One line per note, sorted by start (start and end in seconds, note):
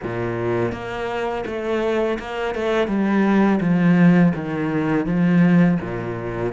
0.03 0.72 A#2
0.72 1.44 A#3
1.46 2.18 A3
2.19 2.54 A#3
2.54 2.87 A3
2.87 3.59 G3
3.60 4.32 F3
4.35 5.05 D#3
5.05 5.78 F3
5.80 6.52 A#2